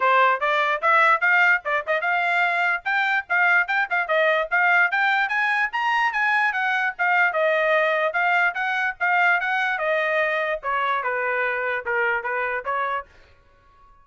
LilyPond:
\new Staff \with { instrumentName = "trumpet" } { \time 4/4 \tempo 4 = 147 c''4 d''4 e''4 f''4 | d''8 dis''8 f''2 g''4 | f''4 g''8 f''8 dis''4 f''4 | g''4 gis''4 ais''4 gis''4 |
fis''4 f''4 dis''2 | f''4 fis''4 f''4 fis''4 | dis''2 cis''4 b'4~ | b'4 ais'4 b'4 cis''4 | }